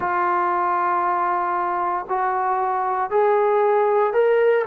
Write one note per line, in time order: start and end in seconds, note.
0.00 2.05 F4
2.08 3.10 F#4
3.10 4.13 G#4
4.13 4.65 A#4